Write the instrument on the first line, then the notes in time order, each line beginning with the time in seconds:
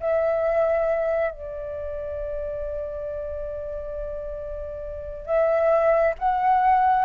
flute
0.00 E5
1.32 D5
5.26 E5
6.19 F#5